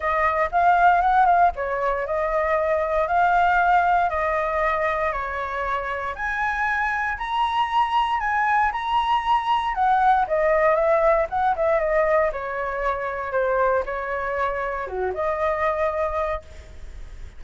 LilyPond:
\new Staff \with { instrumentName = "flute" } { \time 4/4 \tempo 4 = 117 dis''4 f''4 fis''8 f''8 cis''4 | dis''2 f''2 | dis''2 cis''2 | gis''2 ais''2 |
gis''4 ais''2 fis''4 | dis''4 e''4 fis''8 e''8 dis''4 | cis''2 c''4 cis''4~ | cis''4 fis'8 dis''2~ dis''8 | }